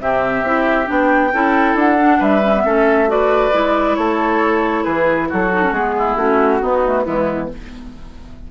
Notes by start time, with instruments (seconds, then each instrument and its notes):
0.00 bassoon C3, clarinet C4, oboe G4, flute E5
0.42 bassoon C4, clarinet E4
0.86 bassoon B3, clarinet D4, flute G5
1.33 bassoon C#4, clarinet E4, oboe A4
1.74 bassoon D4, flute F#5
1.98 clarinet D4
2.19 bassoon G3, oboe B4, flute E5
2.43 clarinet C#4
2.56 clarinet B3
2.64 bassoon A3, clarinet C#4, oboe A4
3.08 clarinet F#4, oboe B4, flute D5
3.52 bassoon G#3, clarinet E4
3.95 bassoon A3, oboe A4, flute C#5
4.84 bassoon E3, oboe G#4, flute B4
5.29 bassoon F#3, oboe F#4, flute A4
5.53 clarinet D#4
5.63 clarinet C#4
5.71 bassoon G#3, clarinet B3, flute G#4
5.98 oboe E4
6.16 bassoon A3, clarinet C#4, flute F#4
6.60 clarinet B3, bassoon B3, oboe D#4
6.85 clarinet A3
7.04 bassoon E3, clarinet G#3, oboe B3, flute E4